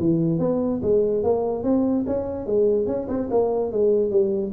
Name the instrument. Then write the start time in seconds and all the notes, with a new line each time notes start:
tuba
0.00 E3
0.40 B3
0.83 G#3
1.24 A#3
1.64 C4
2.07 C#4
2.47 G#3
2.87 C#4
3.09 C4
3.31 A#3
3.72 G#3
4.11 G3